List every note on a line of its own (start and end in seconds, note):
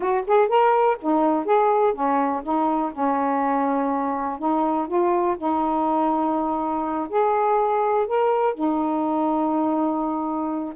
0.00 0.24 F#4
0.26 0.48 G#4
0.48 0.97 A#4
1.01 1.45 D#4
1.45 1.93 G#4
1.93 2.42 C#4
2.43 2.91 D#4
2.92 4.38 C#4
4.38 4.87 D#4
4.87 5.36 F4
5.37 7.08 D#4
7.09 8.06 G#4
8.06 8.54 A#4
8.54 10.73 D#4